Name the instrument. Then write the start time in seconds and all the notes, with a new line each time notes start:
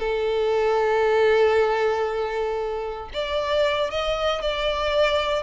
violin
0.00 A4
3.14 D5
3.91 D#5
4.42 D5